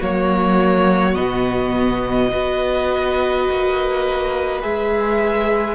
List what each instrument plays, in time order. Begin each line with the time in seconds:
0.00 cello F#3, viola A#3, violin F#4 C#5
1.15 cello B2, viola B3, violin D#5
2.31 cello B3, viola F#4, violin B4
3.50 cello A#3
4.62 cello G#3, viola G#4, violin E5